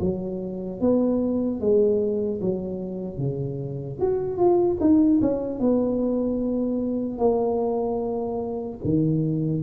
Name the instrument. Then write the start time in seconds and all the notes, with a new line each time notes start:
tuba
0.00 F#3
0.80 B3
1.60 G#3
2.40 F#3
3.17 C#3
4.00 F#4
4.37 F4
4.80 D#4
5.21 C#4
5.59 B3
7.18 A#3
8.84 D#3